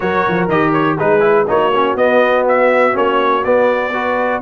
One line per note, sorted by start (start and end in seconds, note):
0.00 0.25 F#3
0.00 0.49 F#4
0.00 0.95 A#4
0.00 0.48 C#5
0.28 0.47 F3
0.47 0.96 D#3
0.47 0.98 G4
0.47 0.72 D#5
0.72 0.97 C#5
0.96 1.49 G#3
0.96 1.20 D#4
0.96 1.45 G#4
0.96 1.47 B4
1.20 1.45 E4
1.47 1.94 A#3
1.47 1.72 D#4
1.47 3.93 F#4
1.47 1.96 C#5
1.74 1.97 C#4
1.94 2.93 B3
1.94 2.92 B3
1.94 2.45 D#5
2.47 2.96 E5
2.92 3.44 A#3
2.92 3.41 C#4
2.92 3.44 C#5
3.44 4.42 B3
3.44 3.93 B3
3.44 4.42 D5
3.93 4.42 F#4
3.93 4.42 B4